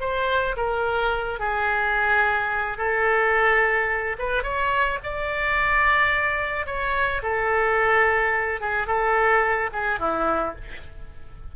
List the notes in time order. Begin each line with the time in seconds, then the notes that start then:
0.00 C5
0.57 A#4
1.39 G#4
2.78 A4
4.19 B4
4.43 C#5
5.03 D5
6.66 C#5
7.23 A4
8.60 G#4
8.87 A4
9.72 G#4
9.99 E4